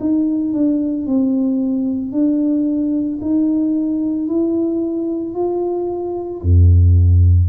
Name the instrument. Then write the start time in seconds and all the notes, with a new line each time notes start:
tuba
0.00 D#4
0.53 D4
1.07 C4
2.12 D4
3.21 D#4
4.28 E4
5.34 F4
6.42 F2